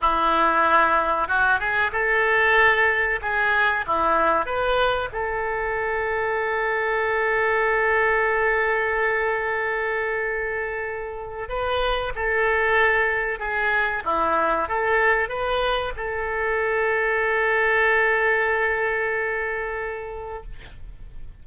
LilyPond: \new Staff \with { instrumentName = "oboe" } { \time 4/4 \tempo 4 = 94 e'2 fis'8 gis'8 a'4~ | a'4 gis'4 e'4 b'4 | a'1~ | a'1~ |
a'2 b'4 a'4~ | a'4 gis'4 e'4 a'4 | b'4 a'2.~ | a'1 | }